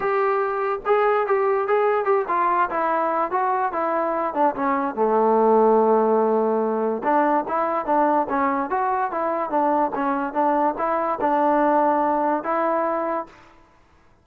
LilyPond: \new Staff \with { instrumentName = "trombone" } { \time 4/4 \tempo 4 = 145 g'2 gis'4 g'4 | gis'4 g'8 f'4 e'4. | fis'4 e'4. d'8 cis'4 | a1~ |
a4 d'4 e'4 d'4 | cis'4 fis'4 e'4 d'4 | cis'4 d'4 e'4 d'4~ | d'2 e'2 | }